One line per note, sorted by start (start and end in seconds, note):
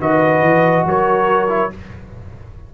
0.00 0.42 D#3
0.00 1.49 F#4
0.00 0.86 B4
0.00 0.87 D#5
0.42 0.84 E3
0.85 1.71 F#3
0.85 1.73 A#4
0.85 1.74 C#5
1.49 1.70 E4